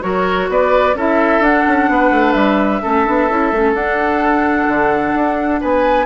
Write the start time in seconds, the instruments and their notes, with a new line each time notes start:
0.00 bassoon F#3, clarinet F#4, oboe A#4, flute C#5
0.48 bassoon B3, oboe B4, flute D5
0.94 bassoon C#4, clarinet E4, oboe A4, flute E5
1.39 bassoon D4, clarinet D4, flute F#5
1.67 bassoon C#4
1.88 bassoon B3, oboe B4
2.10 bassoon A3
2.32 bassoon G3, flute E5
2.82 bassoon A3, clarinet C#4, oboe A4
3.05 bassoon B3, clarinet D4
3.29 bassoon C#4, clarinet E4
3.52 bassoon A3, clarinet C#4
3.73 bassoon D4, clarinet D4, flute F#5
4.67 bassoon D3
5.14 bassoon D4
5.61 bassoon B3, oboe B4, flute G#5